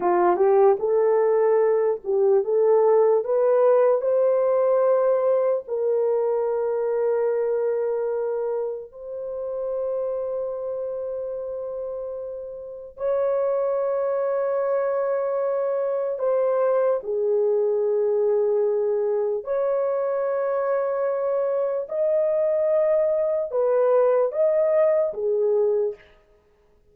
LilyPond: \new Staff \with { instrumentName = "horn" } { \time 4/4 \tempo 4 = 74 f'8 g'8 a'4. g'8 a'4 | b'4 c''2 ais'4~ | ais'2. c''4~ | c''1 |
cis''1 | c''4 gis'2. | cis''2. dis''4~ | dis''4 b'4 dis''4 gis'4 | }